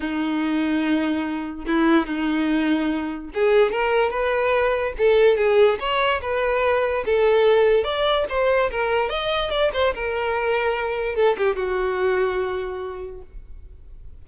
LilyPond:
\new Staff \with { instrumentName = "violin" } { \time 4/4 \tempo 4 = 145 dis'1 | e'4 dis'2. | gis'4 ais'4 b'2 | a'4 gis'4 cis''4 b'4~ |
b'4 a'2 d''4 | c''4 ais'4 dis''4 d''8 c''8 | ais'2. a'8 g'8 | fis'1 | }